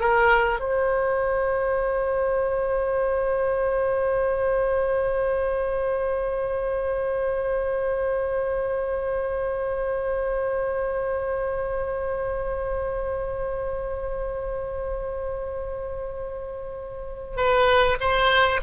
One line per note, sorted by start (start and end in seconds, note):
0.00 0.59 A#4
0.59 17.37 C5
17.37 17.97 B4
18.00 18.60 C5